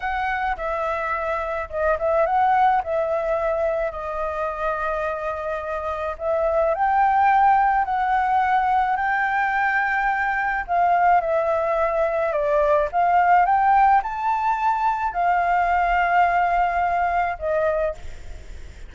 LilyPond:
\new Staff \with { instrumentName = "flute" } { \time 4/4 \tempo 4 = 107 fis''4 e''2 dis''8 e''8 | fis''4 e''2 dis''4~ | dis''2. e''4 | g''2 fis''2 |
g''2. f''4 | e''2 d''4 f''4 | g''4 a''2 f''4~ | f''2. dis''4 | }